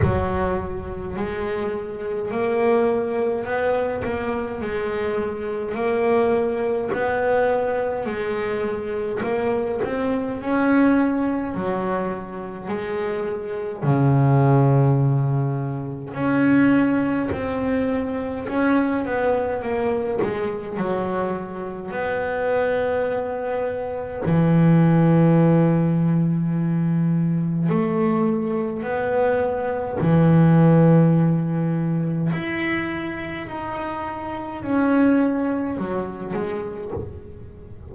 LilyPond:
\new Staff \with { instrumentName = "double bass" } { \time 4/4 \tempo 4 = 52 fis4 gis4 ais4 b8 ais8 | gis4 ais4 b4 gis4 | ais8 c'8 cis'4 fis4 gis4 | cis2 cis'4 c'4 |
cis'8 b8 ais8 gis8 fis4 b4~ | b4 e2. | a4 b4 e2 | e'4 dis'4 cis'4 fis8 gis8 | }